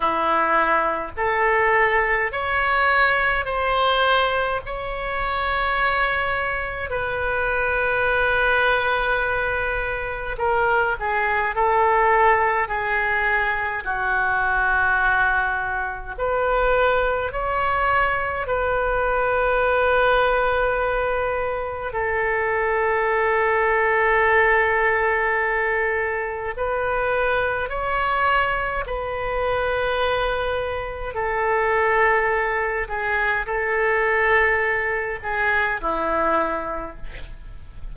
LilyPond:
\new Staff \with { instrumentName = "oboe" } { \time 4/4 \tempo 4 = 52 e'4 a'4 cis''4 c''4 | cis''2 b'2~ | b'4 ais'8 gis'8 a'4 gis'4 | fis'2 b'4 cis''4 |
b'2. a'4~ | a'2. b'4 | cis''4 b'2 a'4~ | a'8 gis'8 a'4. gis'8 e'4 | }